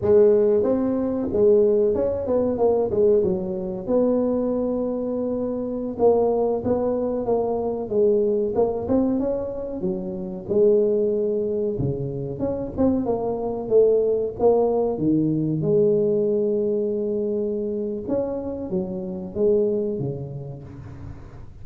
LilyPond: \new Staff \with { instrumentName = "tuba" } { \time 4/4 \tempo 4 = 93 gis4 c'4 gis4 cis'8 b8 | ais8 gis8 fis4 b2~ | b4~ b16 ais4 b4 ais8.~ | ais16 gis4 ais8 c'8 cis'4 fis8.~ |
fis16 gis2 cis4 cis'8 c'16~ | c'16 ais4 a4 ais4 dis8.~ | dis16 gis2.~ gis8. | cis'4 fis4 gis4 cis4 | }